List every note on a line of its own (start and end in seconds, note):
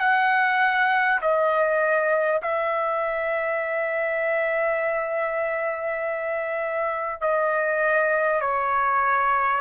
0.00 1.20 F#5
1.22 2.42 D#5
2.42 7.22 E5
7.22 8.42 D#5
8.42 9.61 C#5